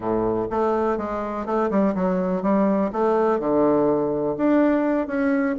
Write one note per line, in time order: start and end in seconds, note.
0.00 0.47 A2
0.50 0.97 A3
0.97 1.45 G#3
1.45 1.70 A3
1.70 1.94 G3
1.94 2.42 F#3
2.42 2.91 G3
2.92 3.39 A3
3.39 4.36 D3
4.37 5.07 D4
5.07 5.55 C#4